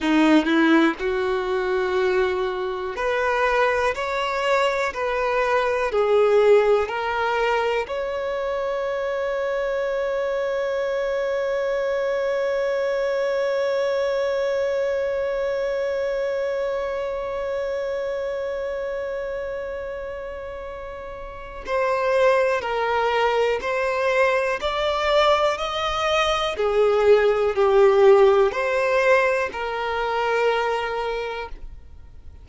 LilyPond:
\new Staff \with { instrumentName = "violin" } { \time 4/4 \tempo 4 = 61 dis'8 e'8 fis'2 b'4 | cis''4 b'4 gis'4 ais'4 | cis''1~ | cis''1~ |
cis''1~ | cis''2 c''4 ais'4 | c''4 d''4 dis''4 gis'4 | g'4 c''4 ais'2 | }